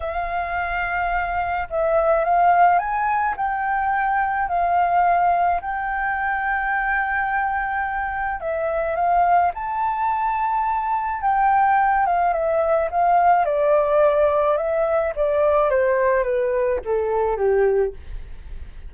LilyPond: \new Staff \with { instrumentName = "flute" } { \time 4/4 \tempo 4 = 107 f''2. e''4 | f''4 gis''4 g''2 | f''2 g''2~ | g''2. e''4 |
f''4 a''2. | g''4. f''8 e''4 f''4 | d''2 e''4 d''4 | c''4 b'4 a'4 g'4 | }